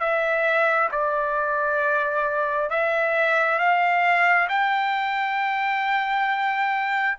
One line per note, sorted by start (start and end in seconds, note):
0.00 0.90 E5
0.92 2.70 D5
2.70 3.59 E5
3.59 4.48 F5
4.49 7.18 G5